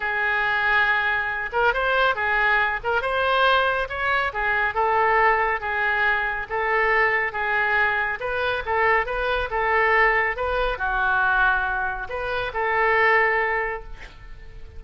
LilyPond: \new Staff \with { instrumentName = "oboe" } { \time 4/4 \tempo 4 = 139 gis'2.~ gis'8 ais'8 | c''4 gis'4. ais'8 c''4~ | c''4 cis''4 gis'4 a'4~ | a'4 gis'2 a'4~ |
a'4 gis'2 b'4 | a'4 b'4 a'2 | b'4 fis'2. | b'4 a'2. | }